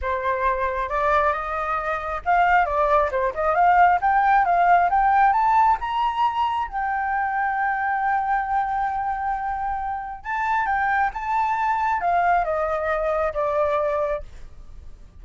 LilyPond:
\new Staff \with { instrumentName = "flute" } { \time 4/4 \tempo 4 = 135 c''2 d''4 dis''4~ | dis''4 f''4 d''4 c''8 dis''8 | f''4 g''4 f''4 g''4 | a''4 ais''2 g''4~ |
g''1~ | g''2. a''4 | g''4 a''2 f''4 | dis''2 d''2 | }